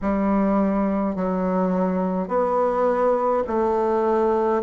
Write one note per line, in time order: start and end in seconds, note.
0.01 1.15 G3
1.15 2.28 F#3
2.28 3.43 B3
3.47 4.62 A3